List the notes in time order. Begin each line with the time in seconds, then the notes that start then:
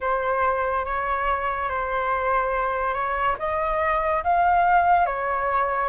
0.00 C5
0.85 C#5
1.69 C5
2.93 C#5
3.38 D#5
4.23 F5
5.06 C#5